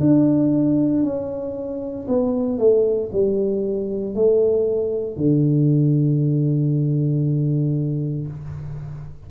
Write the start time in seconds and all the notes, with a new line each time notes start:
0.00 D4
1.03 C#4
2.08 B3
2.59 A3
3.13 G3
4.15 A3
5.17 D3